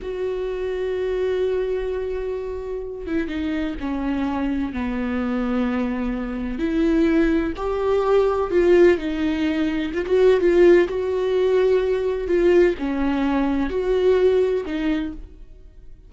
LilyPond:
\new Staff \with { instrumentName = "viola" } { \time 4/4 \tempo 4 = 127 fis'1~ | fis'2~ fis'8 e'8 dis'4 | cis'2 b2~ | b2 e'2 |
g'2 f'4 dis'4~ | dis'4 f'16 fis'8. f'4 fis'4~ | fis'2 f'4 cis'4~ | cis'4 fis'2 dis'4 | }